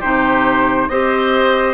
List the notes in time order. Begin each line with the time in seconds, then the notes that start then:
0.00 C3 D#4 G4 C5
0.89 C4 G4 C5 D#5